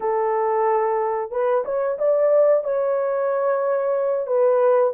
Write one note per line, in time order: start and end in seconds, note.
0.00 1.31 A4
1.31 1.64 B4
1.65 1.98 C#5
1.98 2.63 D5
2.63 4.26 C#5
4.26 4.92 B4